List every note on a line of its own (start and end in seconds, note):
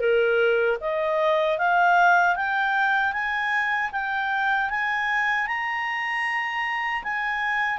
0.00 0.78 A#4
0.81 1.59 D#5
1.59 2.36 F5
2.36 3.13 G5
3.13 3.91 G#5
3.92 4.70 G5
4.70 5.48 G#5
5.48 7.03 A#5
7.04 7.79 G#5